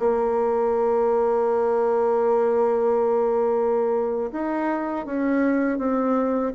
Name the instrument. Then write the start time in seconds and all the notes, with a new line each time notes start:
bassoon
0.00 A#3
4.32 D#4
5.06 C#4
5.79 C4